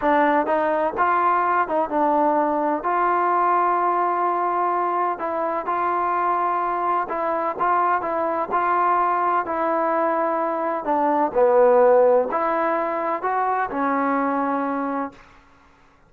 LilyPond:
\new Staff \with { instrumentName = "trombone" } { \time 4/4 \tempo 4 = 127 d'4 dis'4 f'4. dis'8 | d'2 f'2~ | f'2. e'4 | f'2. e'4 |
f'4 e'4 f'2 | e'2. d'4 | b2 e'2 | fis'4 cis'2. | }